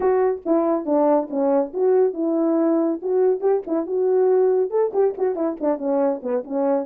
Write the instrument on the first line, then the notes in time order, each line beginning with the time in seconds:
horn
0.00 F#4
0.45 E4
0.85 D4
1.30 C#4
1.73 F#4
2.13 E4
3.01 F#4
3.40 G4
3.66 E4
3.86 F#4
4.70 A4
4.93 G4
5.17 F#4
5.35 E4
5.60 D4
5.78 C#4
6.22 B3
6.44 C#4